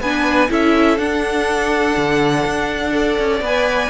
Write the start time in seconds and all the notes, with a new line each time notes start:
0.00 B3 D4 B4 G#5
0.49 C#4 E4 A4 E5
0.97 D4 F#5
1.96 D3
2.45 D4
2.91 A4 D5
3.19 C#4
3.41 B3 B4 G#5